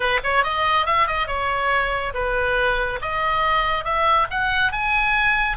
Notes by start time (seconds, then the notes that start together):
0.00 B4
0.23 C#5
0.43 D#5
0.86 E5
1.07 D#5
1.27 C#5
2.14 B4
3.01 D#5
3.84 E5
4.30 F#5
4.72 G#5